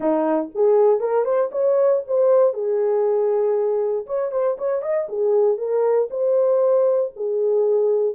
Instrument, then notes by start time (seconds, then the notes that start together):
horn
0.00 D#4
0.55 G#4
1.00 A#4
1.24 C5
1.51 C#5
2.07 C5
2.53 G#4
4.06 C#5
4.31 C5
4.58 C#5
4.82 D#5
5.08 G#4
5.57 A#4
6.10 C5
7.16 G#4